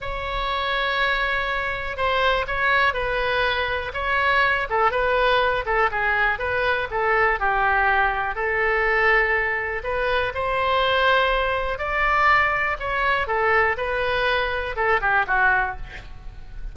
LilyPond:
\new Staff \with { instrumentName = "oboe" } { \time 4/4 \tempo 4 = 122 cis''1 | c''4 cis''4 b'2 | cis''4. a'8 b'4. a'8 | gis'4 b'4 a'4 g'4~ |
g'4 a'2. | b'4 c''2. | d''2 cis''4 a'4 | b'2 a'8 g'8 fis'4 | }